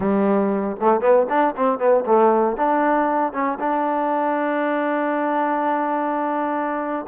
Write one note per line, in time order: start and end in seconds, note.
0.00 0.76 G3
0.80 1.00 A3
1.00 1.26 B3
1.29 1.54 D4
1.56 1.78 C4
1.78 2.04 B3
2.06 2.56 A3
2.56 3.32 D4
3.32 3.58 C#4
3.59 7.05 D4